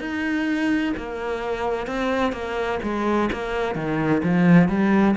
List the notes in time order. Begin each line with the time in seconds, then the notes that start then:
0.00 D#4
0.97 A#3
1.87 C4
2.32 A#3
2.83 G#3
3.32 A#3
3.75 D#3
4.24 F3
4.68 G3